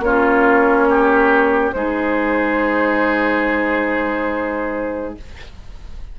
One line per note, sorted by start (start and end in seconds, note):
0.00 1.71 A#3
0.00 1.74 C#4
0.00 0.89 F4
0.00 1.72 C#5
0.89 1.75 G4
1.72 5.17 G#3
1.72 5.17 D#4
1.72 5.20 G#4
1.72 5.15 C5